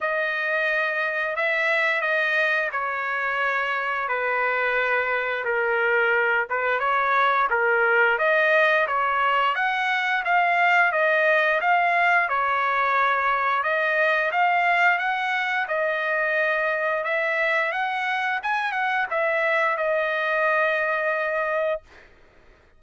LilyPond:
\new Staff \with { instrumentName = "trumpet" } { \time 4/4 \tempo 4 = 88 dis''2 e''4 dis''4 | cis''2 b'2 | ais'4. b'8 cis''4 ais'4 | dis''4 cis''4 fis''4 f''4 |
dis''4 f''4 cis''2 | dis''4 f''4 fis''4 dis''4~ | dis''4 e''4 fis''4 gis''8 fis''8 | e''4 dis''2. | }